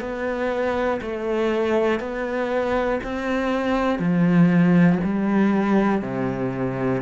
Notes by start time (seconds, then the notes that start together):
0.00 B3
1.01 A3
2.00 B3
3.04 C4
3.99 F3
5.04 G3
6.02 C3